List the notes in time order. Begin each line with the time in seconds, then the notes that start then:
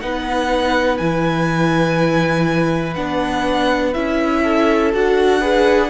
0.00 B3 D#4 B4 F#5
0.97 E3 E4 G#5
2.95 B3 D4 F#5
3.93 C#4 E4 E5
4.42 A4
4.93 D4 F#4 F#5
5.40 G#4 B4